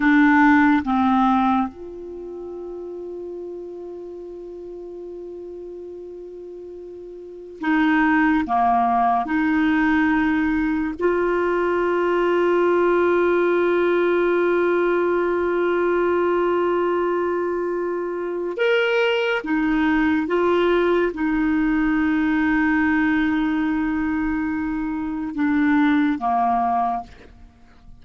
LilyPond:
\new Staff \with { instrumentName = "clarinet" } { \time 4/4 \tempo 4 = 71 d'4 c'4 f'2~ | f'1~ | f'4 dis'4 ais4 dis'4~ | dis'4 f'2.~ |
f'1~ | f'2 ais'4 dis'4 | f'4 dis'2.~ | dis'2 d'4 ais4 | }